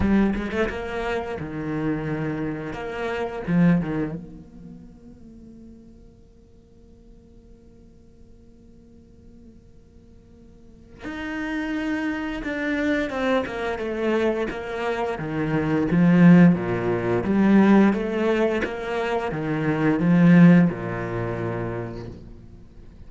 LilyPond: \new Staff \with { instrumentName = "cello" } { \time 4/4 \tempo 4 = 87 g8 gis16 a16 ais4 dis2 | ais4 f8 dis8 ais2~ | ais1~ | ais1 |
dis'2 d'4 c'8 ais8 | a4 ais4 dis4 f4 | ais,4 g4 a4 ais4 | dis4 f4 ais,2 | }